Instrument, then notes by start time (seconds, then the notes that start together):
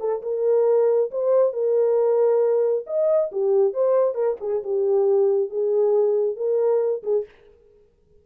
horn
0.00 A4
0.22 A#4
1.11 C5
1.53 A#4
2.87 D#5
3.32 G4
3.74 C5
4.15 A#4
4.41 G#4
4.64 G4
5.50 G#4
6.36 A#4
7.03 G#4